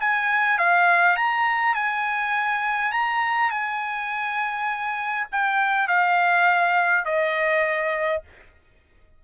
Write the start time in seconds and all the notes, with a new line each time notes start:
0.00 G#5
0.58 F5
1.16 A#5
1.74 G#5
2.92 A#5
3.51 G#5
5.32 G5
5.88 F5
7.05 D#5